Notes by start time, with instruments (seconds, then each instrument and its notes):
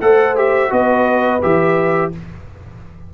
0.00 tuba A3, trombone A4, horn C5, trumpet F#5
0.36 trombone G4, trumpet E5
0.69 tuba B3, trombone F#4, horn B4, trumpet D#5
1.42 tuba E3, trombone G4, trumpet E5